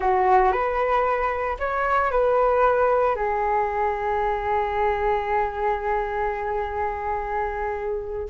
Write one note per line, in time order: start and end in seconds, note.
0.00 0.51 F#4
0.51 1.57 B4
1.59 2.11 C#5
2.11 3.15 B4
3.15 8.28 G#4